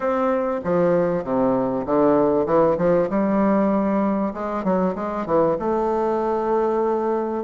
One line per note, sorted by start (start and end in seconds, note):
0.00 0.60 C4
0.64 1.23 F3
1.23 1.85 C3
1.86 2.46 D3
2.46 2.77 E3
2.77 3.08 F3
3.09 4.33 G3
4.33 4.64 G#3
4.64 4.95 F#3
4.95 5.25 G#3
5.25 5.56 E3
5.59 7.44 A3